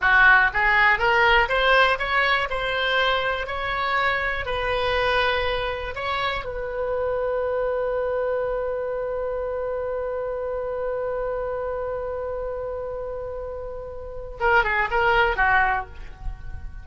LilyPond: \new Staff \with { instrumentName = "oboe" } { \time 4/4 \tempo 4 = 121 fis'4 gis'4 ais'4 c''4 | cis''4 c''2 cis''4~ | cis''4 b'2. | cis''4 b'2.~ |
b'1~ | b'1~ | b'1~ | b'4 ais'8 gis'8 ais'4 fis'4 | }